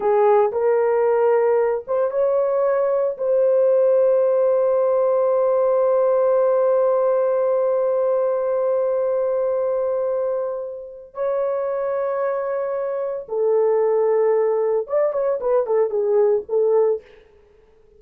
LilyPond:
\new Staff \with { instrumentName = "horn" } { \time 4/4 \tempo 4 = 113 gis'4 ais'2~ ais'8 c''8 | cis''2 c''2~ | c''1~ | c''1~ |
c''1~ | c''4 cis''2.~ | cis''4 a'2. | d''8 cis''8 b'8 a'8 gis'4 a'4 | }